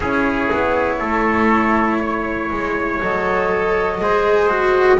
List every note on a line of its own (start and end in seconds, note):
0.00 0.49 C#4
0.00 3.01 E4
0.00 0.97 G#4
0.00 3.00 C#5
0.52 1.00 B3
0.99 2.50 A3
0.99 1.99 A4
2.00 4.00 C#5
2.51 3.01 G#3
3.01 4.00 F#3
3.01 4.01 A4
3.01 4.99 D#5
4.00 4.99 G#3
4.00 4.49 G#4
4.00 4.99 C5
4.49 4.99 F#4